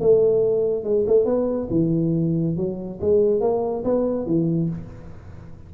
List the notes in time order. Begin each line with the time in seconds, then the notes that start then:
0.00 A3
0.84 G#3
1.07 A3
1.25 B3
1.70 E3
2.56 F#3
3.01 G#3
3.40 A#3
3.84 B3
4.26 E3